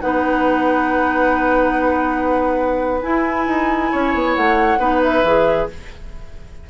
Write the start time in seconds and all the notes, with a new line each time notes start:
0.00 B3 D#4 B4 F#5
3.01 E4 G#5
3.46 D#4
3.91 C#4 C#5
4.14 B3
4.34 A3 F#5
4.78 B3 D#4 B4
5.02 E5
5.23 E3 G#4